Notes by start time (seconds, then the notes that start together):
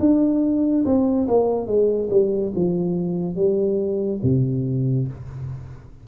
0.00 D4
0.86 C4
1.28 A#3
1.67 G#3
2.10 G3
2.56 F3
3.36 G3
4.23 C3